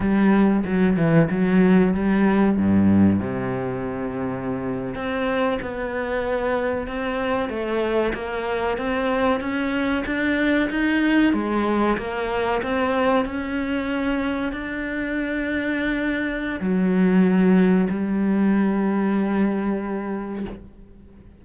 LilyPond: \new Staff \with { instrumentName = "cello" } { \time 4/4 \tempo 4 = 94 g4 fis8 e8 fis4 g4 | g,4 c2~ c8. c'16~ | c'8. b2 c'4 a16~ | a8. ais4 c'4 cis'4 d'16~ |
d'8. dis'4 gis4 ais4 c'16~ | c'8. cis'2 d'4~ d'16~ | d'2 fis2 | g1 | }